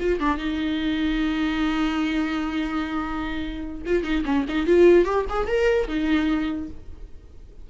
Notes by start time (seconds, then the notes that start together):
0.00 F4
0.20 D4
0.38 D#4
3.86 F4
4.04 D#4
4.25 C#4
4.49 D#4
4.67 F4
5.05 G4
5.29 G#4
5.47 A#4
5.88 D#4